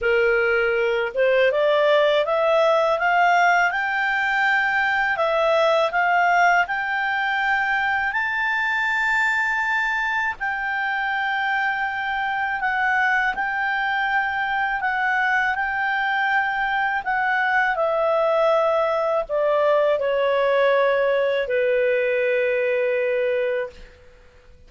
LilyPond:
\new Staff \with { instrumentName = "clarinet" } { \time 4/4 \tempo 4 = 81 ais'4. c''8 d''4 e''4 | f''4 g''2 e''4 | f''4 g''2 a''4~ | a''2 g''2~ |
g''4 fis''4 g''2 | fis''4 g''2 fis''4 | e''2 d''4 cis''4~ | cis''4 b'2. | }